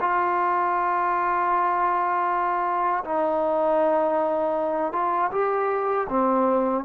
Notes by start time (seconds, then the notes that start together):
0.00 F4
3.04 D#4
4.92 F4
5.31 G4
6.09 C4